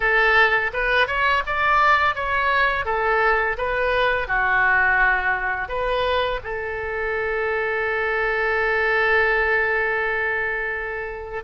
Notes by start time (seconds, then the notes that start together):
0.00 A4
0.73 B4
1.07 C#5
1.46 D5
2.15 C#5
2.85 A4
3.57 B4
4.27 F#4
5.68 B4
6.43 A4